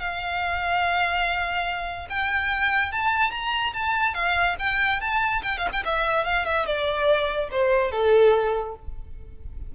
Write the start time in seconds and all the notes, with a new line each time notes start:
0.00 F5
2.10 G5
2.92 A5
3.31 A#5
3.74 A5
4.14 F5
4.59 G5
5.01 A5
5.43 G5
5.58 F5
5.73 G5
5.85 E5
6.25 F5
6.46 E5
6.66 D5
7.51 C5
7.92 A4